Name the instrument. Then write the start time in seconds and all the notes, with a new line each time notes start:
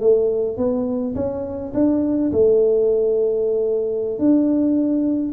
tuba
0.00 A3
0.57 B3
1.15 C#4
1.74 D4
2.32 A3
4.19 D4